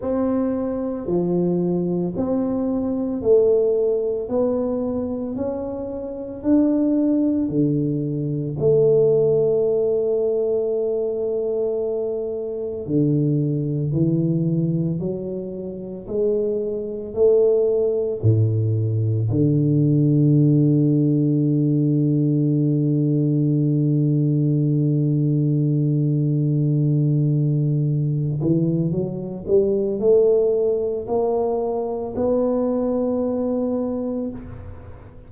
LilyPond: \new Staff \with { instrumentName = "tuba" } { \time 4/4 \tempo 4 = 56 c'4 f4 c'4 a4 | b4 cis'4 d'4 d4 | a1 | d4 e4 fis4 gis4 |
a4 a,4 d2~ | d1~ | d2~ d8 e8 fis8 g8 | a4 ais4 b2 | }